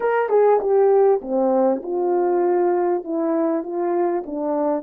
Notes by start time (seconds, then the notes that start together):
0.00 A#4
0.29 G#4
0.60 G4
1.21 C4
1.82 F4
3.03 E4
3.63 F4
4.26 D4